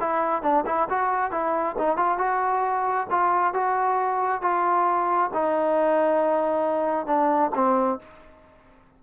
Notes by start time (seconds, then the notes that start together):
0.00 E4
0.42 D4
0.66 E4
0.90 F#4
1.32 E4
1.79 D#4
1.97 F4
2.18 F#4
3.11 F4
3.54 F#4
4.42 F4
5.34 D#4
7.06 D4
7.55 C4